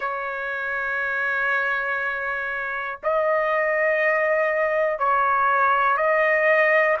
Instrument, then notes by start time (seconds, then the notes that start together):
trumpet
0.00 C#5
3.03 D#5
4.99 C#5
5.97 D#5